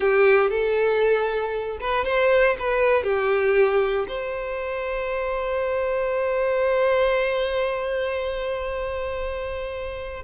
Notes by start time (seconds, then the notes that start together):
0.00 G4
0.50 A4
1.80 B4
2.05 C5
2.59 B4
3.03 G4
4.08 C5